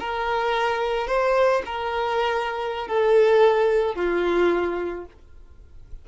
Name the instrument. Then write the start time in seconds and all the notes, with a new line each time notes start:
violin
0.00 A#4
1.08 C5
1.66 A#4
2.88 A4
3.95 F4